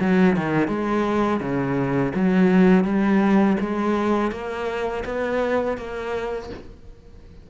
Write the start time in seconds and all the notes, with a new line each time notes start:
0.00 F#3
0.36 D#3
0.68 G#3
1.40 C#3
2.15 F#3
2.84 G3
3.60 G#3
4.31 A#3
5.05 B3
5.77 A#3